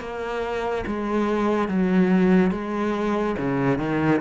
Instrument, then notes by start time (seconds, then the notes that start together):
cello
0.00 A#3
0.86 G#3
1.69 F#3
2.51 G#3
3.38 C#3
3.78 D#3